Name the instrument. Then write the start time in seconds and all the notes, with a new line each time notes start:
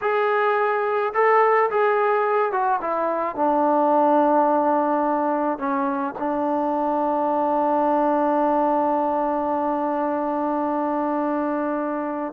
trombone
0.01 G#4
1.13 A4
1.70 G#4
2.52 F#4
2.81 E4
3.35 D4
5.58 C#4
6.18 D4